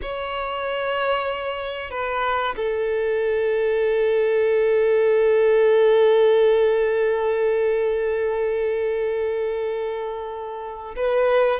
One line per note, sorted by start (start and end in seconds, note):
0.01 1.90 C#5
1.90 2.55 B4
2.56 10.95 A4
10.96 11.60 B4